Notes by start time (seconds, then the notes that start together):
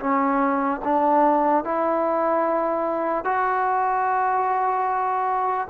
0.00 C#4
0.84 D4
1.65 E4
3.25 F#4